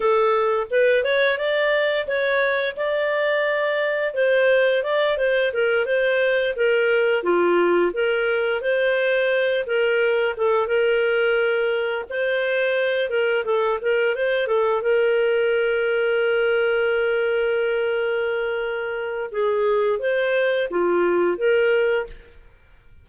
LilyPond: \new Staff \with { instrumentName = "clarinet" } { \time 4/4 \tempo 4 = 87 a'4 b'8 cis''8 d''4 cis''4 | d''2 c''4 d''8 c''8 | ais'8 c''4 ais'4 f'4 ais'8~ | ais'8 c''4. ais'4 a'8 ais'8~ |
ais'4. c''4. ais'8 a'8 | ais'8 c''8 a'8 ais'2~ ais'8~ | ais'1 | gis'4 c''4 f'4 ais'4 | }